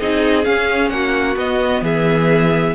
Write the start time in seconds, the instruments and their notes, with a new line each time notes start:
0.00 cello C4, viola D#4, violin G#4 D#5
0.43 viola C#4, cello C#4, violin F5
0.90 cello A#3, violin F#4 F#5
1.36 cello B3, viola B3, violin D#5
1.82 cello E3, violin G#4 E5